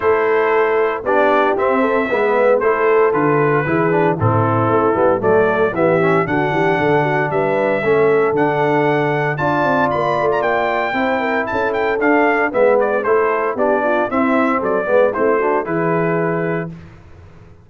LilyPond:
<<
  \new Staff \with { instrumentName = "trumpet" } { \time 4/4 \tempo 4 = 115 c''2 d''4 e''4~ | e''4 c''4 b'2 | a'2 d''4 e''4 | fis''2 e''2 |
fis''2 a''4 b''8. ais''16 | g''2 a''8 g''8 f''4 | e''8 d''8 c''4 d''4 e''4 | d''4 c''4 b'2 | }
  \new Staff \with { instrumentName = "horn" } { \time 4/4 a'2 g'4. a'8 | b'4 a'2 gis'4 | e'2 a'4 g'4 | fis'8 g'8 a'8 fis'8 b'4 a'4~ |
a'2 d''2~ | d''4 c''8 ais'8 a'2 | b'4 a'4 g'8 f'8 e'4 | a'8 b'8 e'8 fis'8 gis'2 | }
  \new Staff \with { instrumentName = "trombone" } { \time 4/4 e'2 d'4 c'4 | b4 e'4 f'4 e'8 d'8 | c'4. b8 a4 b8 cis'8 | d'2. cis'4 |
d'2 f'2~ | f'4 e'2 d'4 | b4 e'4 d'4 c'4~ | c'8 b8 c'8 d'8 e'2 | }
  \new Staff \with { instrumentName = "tuba" } { \time 4/4 a2 b4 c'4 | gis4 a4 d4 e4 | a,4 a8 g8 fis4 e4 | d8 e8 d4 g4 a4 |
d2 d'8 c'8 ais8 a8 | ais4 c'4 cis'4 d'4 | gis4 a4 b4 c'4 | fis8 gis8 a4 e2 | }
>>